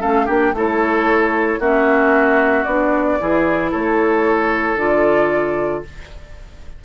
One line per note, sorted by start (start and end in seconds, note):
0.00 0.28 A3
0.00 0.26 C#4
0.00 0.25 A4
0.00 0.28 F5
0.25 0.52 A#3
0.25 0.53 D4
0.25 0.52 G4
0.25 0.56 G5
0.52 1.59 A3
0.52 1.61 E4
0.52 1.59 A4
0.52 1.61 C#5
1.59 2.65 A#3
1.59 2.67 C#4
1.59 3.18 F#4
1.59 2.64 E5
2.64 3.18 B3
2.64 3.19 D4
2.64 3.70 D5
3.19 3.74 E3
3.19 4.78 E4
3.19 3.71 G#4
3.71 4.75 A3
3.71 5.83 A4
3.71 4.77 C#5
4.75 5.82 D3
4.75 5.84 F4
4.75 5.83 D5